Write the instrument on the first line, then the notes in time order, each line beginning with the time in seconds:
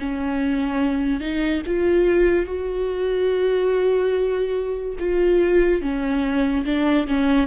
viola
0.00 C#4
1.21 D#4
1.67 F4
2.47 F#4
5.00 F4
5.82 C#4
6.66 D4
7.08 C#4